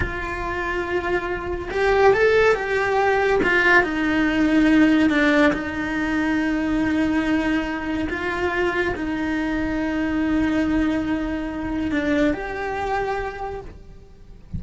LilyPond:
\new Staff \with { instrumentName = "cello" } { \time 4/4 \tempo 4 = 141 f'1 | g'4 a'4 g'2 | f'4 dis'2. | d'4 dis'2.~ |
dis'2. f'4~ | f'4 dis'2.~ | dis'1 | d'4 g'2. | }